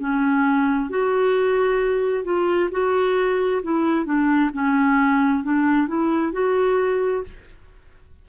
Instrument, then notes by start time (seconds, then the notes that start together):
clarinet
0.00 C#4
0.90 F#4
2.24 F4
2.71 F#4
3.63 E4
4.05 D4
4.54 C#4
5.44 D4
5.88 E4
6.33 F#4